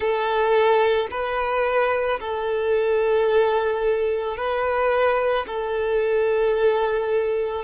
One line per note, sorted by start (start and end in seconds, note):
0.00 1.07 A4
1.10 2.19 B4
2.20 4.36 A4
4.36 5.45 B4
5.46 7.64 A4